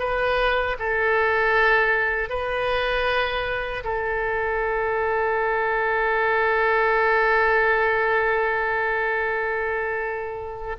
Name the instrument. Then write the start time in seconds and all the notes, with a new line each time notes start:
oboe
0.00 B4
0.79 A4
2.30 B4
3.84 A4